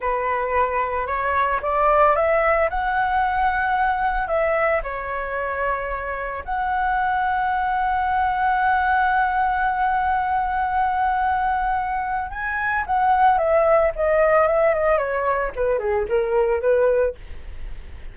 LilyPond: \new Staff \with { instrumentName = "flute" } { \time 4/4 \tempo 4 = 112 b'2 cis''4 d''4 | e''4 fis''2. | e''4 cis''2. | fis''1~ |
fis''1~ | fis''2. gis''4 | fis''4 e''4 dis''4 e''8 dis''8 | cis''4 b'8 gis'8 ais'4 b'4 | }